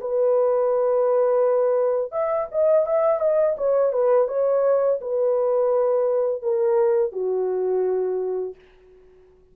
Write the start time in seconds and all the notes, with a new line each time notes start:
0.00 B4
2.12 E5
2.51 D#5
2.86 E5
3.19 D#5
3.57 C#5
3.93 B4
4.28 C#5
5.01 B4
6.42 A#4
7.12 F#4